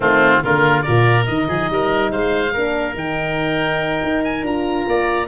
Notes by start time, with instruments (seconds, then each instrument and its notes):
0.00 tuba D#3, horn A3, oboe C4 F4
0.42 tuba D3, horn A#3, oboe F4 A#4
0.82 tuba A#2, horn F4, oboe A#4 D5
1.23 tuba D#3, horn D#4, oboe D#5
1.48 tuba F3, oboe G#4
1.69 tuba G3, oboe A#4
2.10 tuba G#3, oboe C5 F5
2.53 tuba A#3, horn D4, oboe A#4
2.93 tuba D#3, horn D#4, oboe G5
4.03 tuba D#4
4.23 oboe G#5
4.42 tuba D4, horn F4, oboe A#5
4.87 tuba A#3, oboe D5